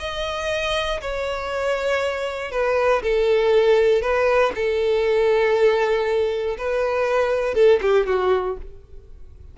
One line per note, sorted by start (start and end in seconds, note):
0.00 1.01 D#5
1.01 2.52 C#5
2.52 3.02 B4
3.03 4.02 A4
4.02 4.53 B4
4.55 6.57 A4
6.58 7.55 B4
7.55 7.80 A4
7.82 8.07 G4
8.07 8.57 F#4